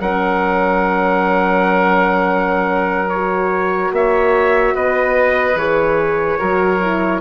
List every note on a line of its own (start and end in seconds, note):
0.00 3.90 F#3
0.00 3.11 C#4
0.00 3.92 A#4
0.00 3.10 F#5
3.10 5.57 F#4
3.10 3.92 C#5
3.92 4.74 A#3
3.92 4.75 C#5
3.92 4.76 E5
4.75 5.55 B3
4.75 6.39 B4
4.75 5.58 D#5
5.55 6.37 E3
5.55 6.39 G#4
5.55 7.21 C#5
6.39 7.21 F#3
6.39 6.80 F#4
6.39 7.21 A#4
6.82 7.21 E4